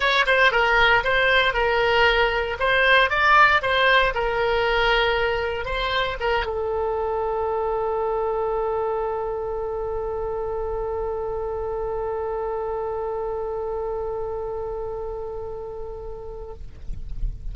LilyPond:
\new Staff \with { instrumentName = "oboe" } { \time 4/4 \tempo 4 = 116 cis''8 c''8 ais'4 c''4 ais'4~ | ais'4 c''4 d''4 c''4 | ais'2. c''4 | ais'8 a'2.~ a'8~ |
a'1~ | a'1~ | a'1~ | a'1 | }